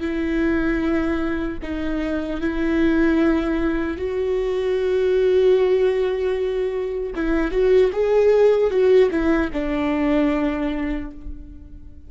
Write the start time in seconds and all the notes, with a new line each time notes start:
0.00 E4
1.62 D#4
2.41 E4
3.97 F#4
7.15 E4
7.51 F#4
7.92 G#4
8.70 F#4
9.11 E4
9.53 D4